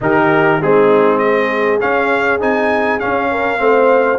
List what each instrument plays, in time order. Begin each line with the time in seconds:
0.00 tuba D#3, trombone D#4, horn G4, trumpet A#4
0.60 tuba G#3, trombone C4, horn D#4, trumpet G#4
1.18 horn G#4, trumpet D#5
1.80 trombone C#4, tuba C#4, trumpet F5
2.40 tuba C4, trombone D#4, trumpet G#5
2.99 trombone C#4, tuba C#4, trumpet F5
3.31 horn A#4
3.57 tuba A3, trombone C4, horn C5